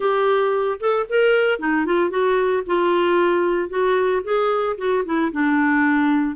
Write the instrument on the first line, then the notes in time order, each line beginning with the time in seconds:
clarinet
0.00 G4
0.80 A4
1.09 A#4
1.59 D#4
1.85 F4
2.10 F#4
2.66 F4
3.69 F#4
4.23 G#4
4.77 F#4
5.05 E4
5.31 D4